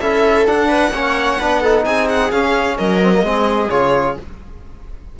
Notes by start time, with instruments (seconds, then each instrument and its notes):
0.00 cello C#4, trombone E4, viola A4, violin E5
0.45 trombone D4, cello D4, violin F#5
0.68 viola B4
0.91 cello A#3, trombone C#4, viola C#5
1.39 cello B3, trombone D4, viola B4
1.60 trombone D#4, viola A4
1.84 cello C4, viola G#4, violin G#5
2.08 violin F#5
2.31 trombone C#4, cello C#4, violin F5
2.77 cello F#3, viola A#4, violin D#5
3.01 trombone C4
3.12 trombone A#3
3.22 cello G#3, trombone C4, viola G#4
3.70 cello C#3, trombone F4, violin C#5